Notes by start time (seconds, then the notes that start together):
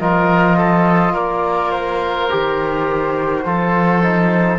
0.00 F3 F4 A#4 D#5
0.57 A4
1.13 A#3 A#4 D5
1.71 C5
2.30 D#3 G4
3.45 F3 F4 A4
4.02 D#4